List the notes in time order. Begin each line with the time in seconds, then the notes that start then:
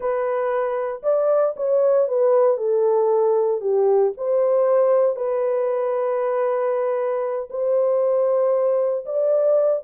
0.00 B4
1.03 D5
1.56 C#5
2.08 B4
2.57 A4
3.60 G4
4.17 C5
5.16 B4
7.50 C5
9.05 D5